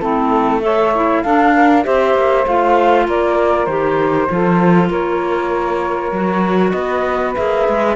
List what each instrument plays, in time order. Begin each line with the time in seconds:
0.00 cello A3, clarinet C4, saxophone E4, flute A4
0.62 clarinet A4, saxophone C#5, flute E5
0.95 clarinet E4
1.22 cello D4, clarinet D4, saxophone A4, flute F5
1.54 saxophone A#4
1.84 cello C4, clarinet G4, saxophone C5, flute E5
2.15 cello A#3
2.47 cello A3, clarinet F4, flute F5
3.06 cello A#3, saxophone A#4, flute D5
3.66 cello D#3, clarinet G4, flute C5
4.29 cello F3, clarinet F4, saxophone A4
4.89 cello A#3, saxophone A#4, flute C#5
6.12 cello F#3, clarinet F#4
6.71 cello B3, saxophone B4, flute D#5
7.35 cello A#3, clarinet G#4, flute E5
7.68 cello G#3